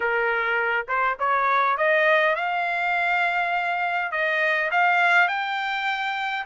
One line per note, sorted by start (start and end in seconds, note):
0.00 0.86 A#4
0.88 1.17 C5
1.19 1.77 C#5
1.77 2.35 D#5
2.35 4.11 F5
4.11 4.70 D#5
4.71 5.28 F5
5.28 6.45 G5